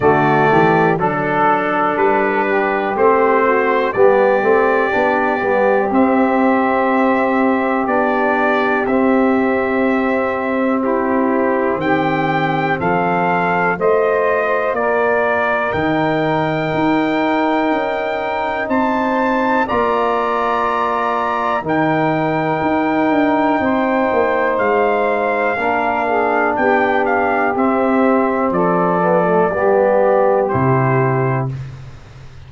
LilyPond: <<
  \new Staff \with { instrumentName = "trumpet" } { \time 4/4 \tempo 4 = 61 d''4 a'4 b'4 c''4 | d''2 e''2 | d''4 e''2 g'4 | g''4 f''4 dis''4 d''4 |
g''2. a''4 | ais''2 g''2~ | g''4 f''2 g''8 f''8 | e''4 d''2 c''4 | }
  \new Staff \with { instrumentName = "saxophone" } { \time 4/4 fis'8 g'8 a'4. g'4 fis'8 | g'1~ | g'2. e'4 | g'4 a'4 c''4 ais'4~ |
ais'2. c''4 | d''2 ais'2 | c''2 ais'8 gis'8 g'4~ | g'4 a'4 g'2 | }
  \new Staff \with { instrumentName = "trombone" } { \time 4/4 a4 d'2 c'4 | b8 c'8 d'8 b8 c'2 | d'4 c'2.~ | c'2 f'2 |
dis'1 | f'2 dis'2~ | dis'2 d'2 | c'4. b16 a16 b4 e'4 | }
  \new Staff \with { instrumentName = "tuba" } { \time 4/4 d8 e8 fis4 g4 a4 | g8 a8 b8 g8 c'2 | b4 c'2. | dis4 f4 a4 ais4 |
dis4 dis'4 cis'4 c'4 | ais2 dis4 dis'8 d'8 | c'8 ais8 gis4 ais4 b4 | c'4 f4 g4 c4 | }
>>